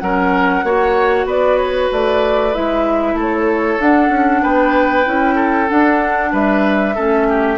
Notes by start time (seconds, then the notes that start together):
0.00 F#3 C#4 A#4 F#5
0.64 A#3 F#4 C#5
1.26 B3 B4 D5
1.57 C#5
1.92 A3 D5
2.54 G#3 E4 E5
3.14 A3 A4
3.22 C#5
3.81 D4 F#5
4.09 C#4
4.43 B3 B4 G5
5.05 C#4 E4
5.36 A4
5.68 D4 F#5
6.33 G3 B4 E5
6.95 A3 C#4 A4
7.29 G4